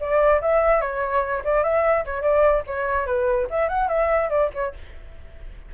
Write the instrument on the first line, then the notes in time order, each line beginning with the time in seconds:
flute
0.00 D5
0.41 E5
0.81 C#5
1.44 D5
1.63 E5
2.05 C#5
2.22 D5
2.67 C#5
3.06 B4
3.50 E5
3.69 F#5
3.88 E5
4.29 D5
4.54 C#5